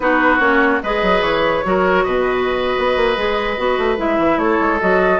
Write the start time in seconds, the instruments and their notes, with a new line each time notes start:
0.00 bassoon B3, clarinet D#4, oboe F#4, flute B4
0.39 bassoon A#3, clarinet C#4, flute C#5
0.82 bassoon G#3, clarinet G#4, oboe B4, flute D#5
1.02 bassoon F#3
1.21 bassoon E3, flute C#5
1.64 bassoon F#3, clarinet F#4, oboe A#4
2.03 bassoon B2, oboe B4, flute D#5
2.77 bassoon B3
2.96 bassoon A#3
3.16 bassoon G#3, clarinet G#4
3.57 bassoon B3, clarinet F#4
3.77 bassoon A3
3.97 bassoon G#3, clarinet E4, flute E5
4.17 bassoon E3
4.37 bassoon A3, oboe A4, flute C#5
4.60 bassoon G#3
4.80 bassoon F#3, clarinet F#4, flute D#5